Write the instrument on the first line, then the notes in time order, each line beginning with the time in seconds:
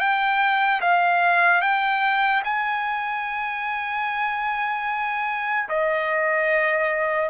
trumpet
0.00 G5
0.81 F5
1.62 G5
2.45 G#5
5.69 D#5